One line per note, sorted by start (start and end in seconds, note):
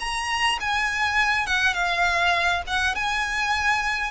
0.00 0.59 A#5
0.60 1.47 G#5
1.47 1.74 F#5
1.74 2.62 F5
2.67 2.95 F#5
2.95 4.11 G#5